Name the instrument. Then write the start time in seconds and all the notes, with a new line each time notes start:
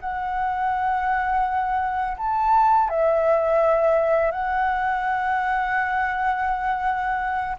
flute
0.00 F#5
2.17 A5
2.89 E5
4.31 F#5